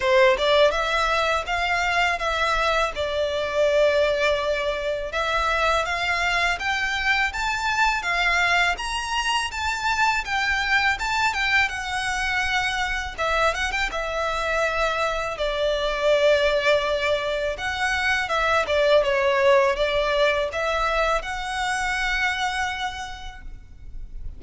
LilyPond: \new Staff \with { instrumentName = "violin" } { \time 4/4 \tempo 4 = 82 c''8 d''8 e''4 f''4 e''4 | d''2. e''4 | f''4 g''4 a''4 f''4 | ais''4 a''4 g''4 a''8 g''8 |
fis''2 e''8 fis''16 g''16 e''4~ | e''4 d''2. | fis''4 e''8 d''8 cis''4 d''4 | e''4 fis''2. | }